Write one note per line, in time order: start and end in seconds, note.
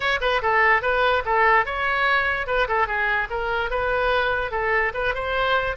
0.00 0.19 C#5
0.21 0.41 B4
0.42 0.82 A4
0.82 1.23 B4
1.25 1.65 A4
1.65 2.47 C#5
2.47 2.67 B4
2.68 2.87 A4
2.87 3.28 G#4
3.30 3.70 A#4
3.70 4.51 B4
4.51 4.92 A4
4.94 5.14 B4
5.14 5.76 C5